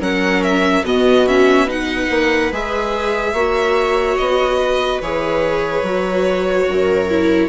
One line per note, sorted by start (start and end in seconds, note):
0.00 0.84 F#3
0.00 0.83 C#4
0.00 0.84 A#4
0.00 0.43 F#5
0.43 0.85 E5
0.84 2.09 B2
0.84 1.27 B3
0.84 1.66 F#4
0.84 1.28 D#5
1.28 1.68 C#4
1.28 1.70 E5
1.66 2.51 D#4
1.66 3.33 B4
1.66 2.53 F#5
2.10 2.52 A#3
2.52 3.34 G#3
2.52 3.36 G#4
2.52 4.18 E5
3.34 4.17 A#3
3.34 5.03 F#4
3.34 4.59 C#5
4.18 5.02 B3
4.18 5.01 D#5
4.59 6.67 B4
5.02 5.83 E3
5.02 5.84 G#4
5.02 7.49 C#5
5.83 6.66 F#3
5.83 7.09 F#4
6.69 7.49 F#2
6.69 7.49 A#4
7.10 7.49 E4